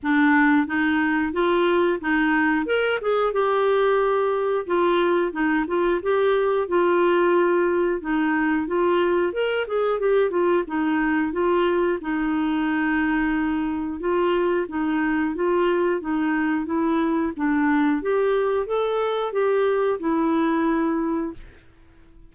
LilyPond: \new Staff \with { instrumentName = "clarinet" } { \time 4/4 \tempo 4 = 90 d'4 dis'4 f'4 dis'4 | ais'8 gis'8 g'2 f'4 | dis'8 f'8 g'4 f'2 | dis'4 f'4 ais'8 gis'8 g'8 f'8 |
dis'4 f'4 dis'2~ | dis'4 f'4 dis'4 f'4 | dis'4 e'4 d'4 g'4 | a'4 g'4 e'2 | }